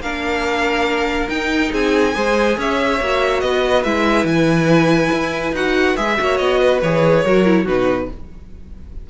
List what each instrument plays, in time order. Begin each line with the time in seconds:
0.00 cello A#3, viola D4, violin A#4 F5
1.29 viola D#4, cello D#4, violin G5
1.72 cello C4, violin G#4 G#5
2.14 cello G#3, viola G#4, violin C5
2.57 cello C#4, violin C#5 E5
3.00 cello A#3, viola F#4
3.40 cello B3, violin B4 D#5
3.84 cello G#3, viola E4, violin E5
4.24 cello E3, violin G#5
5.12 cello E4
5.52 cello D#4, viola F#4, violin F#5
5.96 cello G#3, viola G#4, violin E5
6.17 cello A#3, viola F#4, violin C#5
6.37 cello B3, violin D#5
6.60 violin B4
6.82 cello E3, viola G#4, violin C#5
7.24 cello F#3, viola F#4, violin A#4
7.45 viola E4
7.64 cello B2, viola D#4, violin F#4 B4